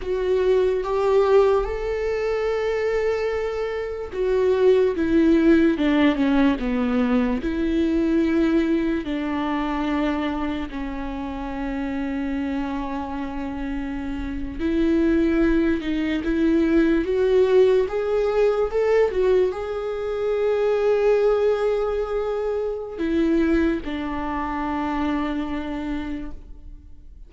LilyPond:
\new Staff \with { instrumentName = "viola" } { \time 4/4 \tempo 4 = 73 fis'4 g'4 a'2~ | a'4 fis'4 e'4 d'8 cis'8 | b4 e'2 d'4~ | d'4 cis'2.~ |
cis'4.~ cis'16 e'4. dis'8 e'16~ | e'8. fis'4 gis'4 a'8 fis'8 gis'16~ | gis'1 | e'4 d'2. | }